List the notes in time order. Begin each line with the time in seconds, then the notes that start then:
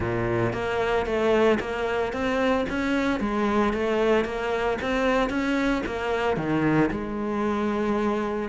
0.00 A#2
0.53 A#3
1.05 A3
1.60 A#3
2.12 C4
2.69 C#4
3.20 G#3
3.73 A3
4.24 A#3
4.81 C4
5.29 C#4
5.86 A#3
6.36 D#3
6.91 G#3